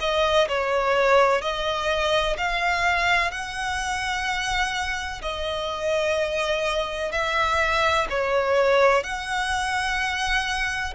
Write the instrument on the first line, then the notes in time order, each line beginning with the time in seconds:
violin
0.00 D#5
0.48 C#5
1.41 D#5
2.37 F5
3.31 F#5
5.22 D#5
7.12 E5
8.10 C#5
9.03 F#5